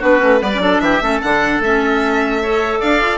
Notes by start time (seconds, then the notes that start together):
0.00 B3 D4 F#4 B4
0.19 A3 C#4
0.40 G3 B3 B4 D5
0.54 F#3 C#4
0.61 D4 A4
0.80 E3 G4 E5
1.01 A3 C#4 A4
1.22 D3 D4 F#5
1.60 A3 C#4 E5
2.42 A4 C#5
2.80 D4 D5 F5
3.01 F4